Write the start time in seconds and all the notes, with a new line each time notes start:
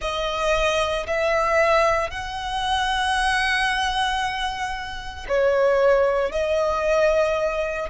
0.01 D#5
1.07 E5
2.10 F#5
5.28 C#5
6.32 D#5